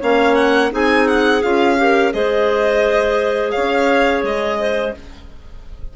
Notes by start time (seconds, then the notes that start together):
0.00 A#3 C#4 C#5 F5
0.35 F#5
0.71 C4 D#4 G#4 G#5
1.08 F#5
1.42 C#4 F4 F5
1.77 G4 A#4
2.12 G#3 G#4 C5 D#5
3.51 C#4 C#5 F5
4.23 G#3 D#5
4.59 C5